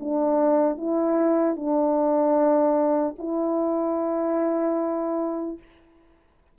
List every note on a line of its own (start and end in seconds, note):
0.00 0.77 D4
0.77 1.56 E4
1.56 3.16 D4
3.19 5.59 E4